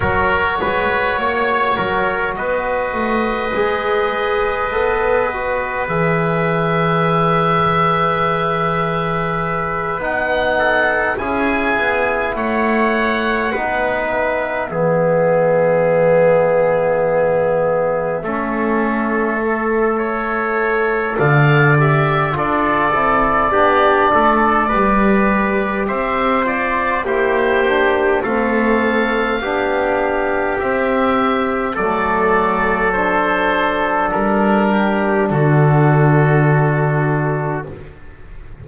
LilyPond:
<<
  \new Staff \with { instrumentName = "oboe" } { \time 4/4 \tempo 4 = 51 cis''2 dis''2~ | dis''4 e''2.~ | e''8 fis''4 gis''4 fis''4. | e''1~ |
e''2 f''8 e''8 d''4~ | d''2 e''8 d''8 c''4 | f''2 e''4 d''4 | c''4 ais'4 a'2 | }
  \new Staff \with { instrumentName = "trumpet" } { \time 4/4 ais'8 b'8 cis''8 ais'8 b'2~ | b'1~ | b'4 a'8 gis'4 cis''4 b'8~ | b'8 gis'2. a'8~ |
a'4 cis''4 d''4 a'4 | g'8 a'8 b'4 c''4 g'4 | a'4 g'2 a'4~ | a'4. g'8 fis'2 | }
  \new Staff \with { instrumentName = "trombone" } { \time 4/4 fis'2. gis'4 | a'8 fis'8 gis'2.~ | gis'8 dis'4 e'2 dis'8~ | dis'8 b2. cis'8~ |
cis'8 a'2 g'8 f'8 e'8 | d'4 g'4. f'8 e'8 d'8 | c'4 d'4 c'4 a4 | d'1 | }
  \new Staff \with { instrumentName = "double bass" } { \time 4/4 fis8 gis8 ais8 fis8 b8 a8 gis4 | b4 e2.~ | e8 b4 cis'8 b8 a4 b8~ | b8 e2. a8~ |
a2 d4 d'8 c'8 | b8 a8 g4 c'4 ais4 | a4 b4 c'4 fis4~ | fis4 g4 d2 | }
>>